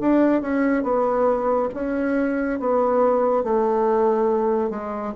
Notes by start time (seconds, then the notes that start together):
0.00 D4
0.41 C#4
0.83 B3
1.74 C#4
2.59 B3
3.43 A3
4.70 G#3